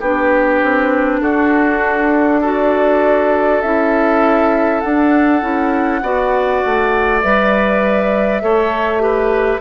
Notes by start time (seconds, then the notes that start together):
0.00 B3 D4 G4 B4
0.63 C4
1.22 D4 F#4 A4
2.41 F#4 A4 D5
3.62 C#4 E4 E5
4.80 D4 F#5
5.41 C#4 E4
6.02 B3 F#4 D5
6.66 A3
7.22 G3 B4 E5
8.42 A3 A4 C#5
9.00 G4 B4